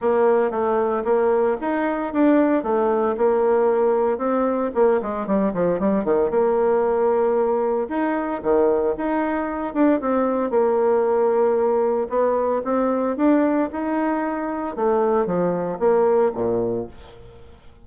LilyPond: \new Staff \with { instrumentName = "bassoon" } { \time 4/4 \tempo 4 = 114 ais4 a4 ais4 dis'4 | d'4 a4 ais2 | c'4 ais8 gis8 g8 f8 g8 dis8 | ais2. dis'4 |
dis4 dis'4. d'8 c'4 | ais2. b4 | c'4 d'4 dis'2 | a4 f4 ais4 ais,4 | }